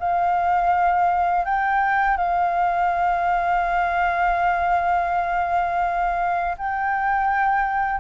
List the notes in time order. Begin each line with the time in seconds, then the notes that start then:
0.00 F5
1.45 G5
2.17 F5
6.58 G5